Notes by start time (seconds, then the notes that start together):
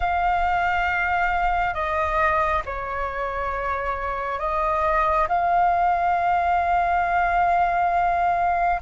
0.00 F5
1.74 D#5
2.65 C#5
4.39 D#5
5.28 F5